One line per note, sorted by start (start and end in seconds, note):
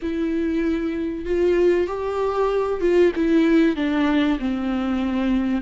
0.01 1.25 E4
1.25 1.87 F4
1.87 2.80 G4
2.80 3.12 F4
3.15 3.76 E4
3.76 4.38 D4
4.39 5.61 C4